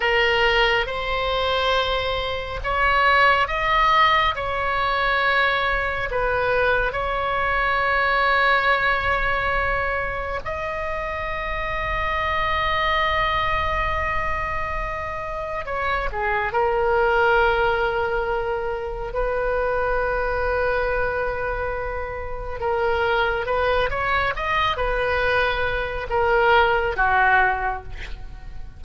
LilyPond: \new Staff \with { instrumentName = "oboe" } { \time 4/4 \tempo 4 = 69 ais'4 c''2 cis''4 | dis''4 cis''2 b'4 | cis''1 | dis''1~ |
dis''2 cis''8 gis'8 ais'4~ | ais'2 b'2~ | b'2 ais'4 b'8 cis''8 | dis''8 b'4. ais'4 fis'4 | }